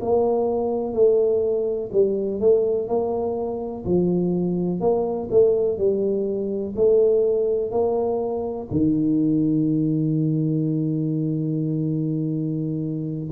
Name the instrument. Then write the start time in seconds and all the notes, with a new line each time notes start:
tuba
0.00 A#3
0.93 A3
1.92 G3
2.40 A3
2.88 A#3
3.84 F3
4.80 A#3
5.30 A3
5.78 G3
6.75 A3
7.71 A#3
8.71 D#3